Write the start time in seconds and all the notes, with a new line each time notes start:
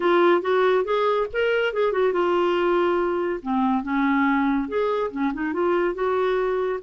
0.00 F4
0.41 F#4
0.84 G#4
1.32 A#4
1.73 G#4
1.92 F#4
2.13 F4
3.42 C4
3.83 C#4
4.68 G#4
5.11 C#4
5.33 D#4
5.53 F4
5.94 F#4